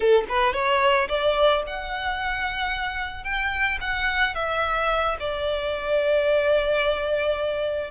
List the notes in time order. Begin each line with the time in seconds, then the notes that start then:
0.00 A4
0.29 B4
0.53 C#5
1.08 D5
1.66 F#5
3.24 G5
3.80 F#5
4.34 E5
5.19 D5